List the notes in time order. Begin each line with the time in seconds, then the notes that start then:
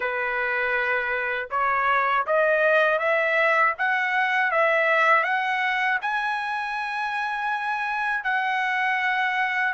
0.00 B4
1.50 C#5
2.26 D#5
2.99 E5
3.78 F#5
4.51 E5
5.23 F#5
6.01 G#5
8.24 F#5